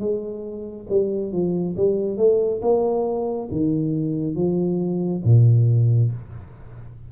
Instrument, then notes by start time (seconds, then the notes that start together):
tuba
0.00 G#3
0.90 G3
1.33 F3
1.77 G3
2.18 A3
2.62 A#3
3.52 D#3
4.36 F3
5.25 A#2